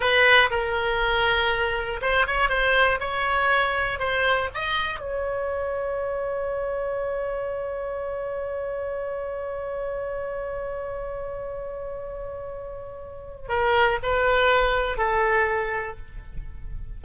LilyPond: \new Staff \with { instrumentName = "oboe" } { \time 4/4 \tempo 4 = 120 b'4 ais'2. | c''8 cis''8 c''4 cis''2 | c''4 dis''4 cis''2~ | cis''1~ |
cis''1~ | cis''1~ | cis''2. ais'4 | b'2 a'2 | }